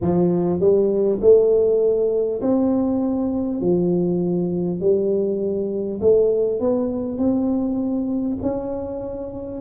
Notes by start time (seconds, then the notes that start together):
0.01 F3
0.59 G3
1.21 A3
2.41 C4
3.61 F3
4.80 G3
6.01 A3
6.59 B3
7.17 C4
8.42 C#4